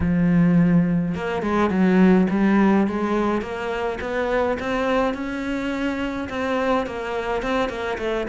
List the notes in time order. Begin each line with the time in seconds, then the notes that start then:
0.00 F3
1.14 A#3
1.42 G#3
1.70 F#3
2.30 G3
2.87 G#3
3.41 A#3
4.00 B3
4.59 C4
5.14 C#4
6.29 C4
6.86 A#3
7.42 C4
7.69 A#3
7.98 A3